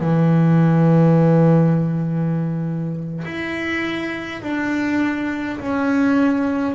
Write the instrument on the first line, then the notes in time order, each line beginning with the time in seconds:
double bass
0.00 E3
3.24 E4
4.42 D4
5.60 C#4